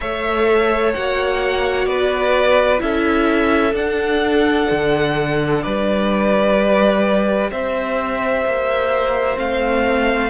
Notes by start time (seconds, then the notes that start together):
0.00 A3 A4 C#5 E5
0.93 A#3 F#4 F#5
1.86 B3 B4 D5
2.78 C#4 E4 A4 E5
3.72 D4 F#5
4.70 D3
5.62 G3 B4 D5
6.54 G4
7.51 C4 C5 E5
8.45 A#3
9.35 A3 C4 F5